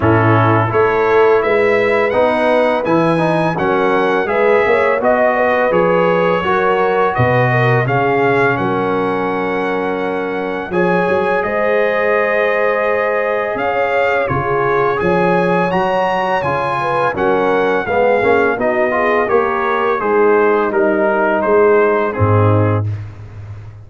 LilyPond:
<<
  \new Staff \with { instrumentName = "trumpet" } { \time 4/4 \tempo 4 = 84 a'4 cis''4 e''4 fis''4 | gis''4 fis''4 e''4 dis''4 | cis''2 dis''4 f''4 | fis''2. gis''4 |
dis''2. f''4 | cis''4 gis''4 ais''4 gis''4 | fis''4 f''4 dis''4 cis''4 | c''4 ais'4 c''4 gis'4 | }
  \new Staff \with { instrumentName = "horn" } { \time 4/4 e'4 a'4 b'2~ | b'4 ais'4 b'8 cis''8 dis''8 b'8~ | b'4 ais'4 b'8 ais'8 gis'4 | ais'2. cis''4 |
c''2. cis''4 | gis'4 cis''2~ cis''8 b'8 | ais'4 gis'4 fis'8 gis'8 ais'4 | dis'2 gis'4 dis'4 | }
  \new Staff \with { instrumentName = "trombone" } { \time 4/4 cis'4 e'2 dis'4 | e'8 dis'8 cis'4 gis'4 fis'4 | gis'4 fis'2 cis'4~ | cis'2. gis'4~ |
gis'1 | f'4 gis'4 fis'4 f'4 | cis'4 b8 cis'8 dis'8 f'8 g'4 | gis'4 dis'2 c'4 | }
  \new Staff \with { instrumentName = "tuba" } { \time 4/4 a,4 a4 gis4 b4 | e4 fis4 gis8 ais8 b4 | f4 fis4 b,4 cis4 | fis2. f8 fis8 |
gis2. cis'4 | cis4 f4 fis4 cis4 | fis4 gis8 ais8 b4 ais4 | gis4 g4 gis4 gis,4 | }
>>